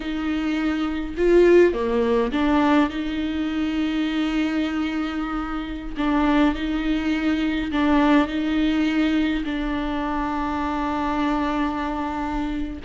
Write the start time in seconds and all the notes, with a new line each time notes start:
0.00 D#4
1.17 F4
1.73 A#3
2.32 D4
2.89 D#4
5.97 D4
6.54 D#4
7.71 D4
8.27 D#4
9.44 D4